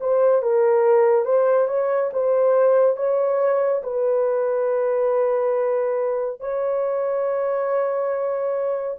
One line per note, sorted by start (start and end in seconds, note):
0.00 0.42 C5
0.42 1.24 A#4
1.24 1.67 C5
1.68 2.10 C#5
2.12 2.96 C5
2.96 3.82 C#5
3.83 6.40 B4
6.40 8.97 C#5